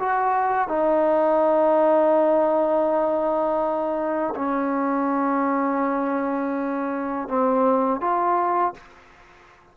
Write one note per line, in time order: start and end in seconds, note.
0.00 0.69 F#4
0.69 4.35 D#4
4.36 7.29 C#4
7.29 8.01 C4
8.01 8.74 F4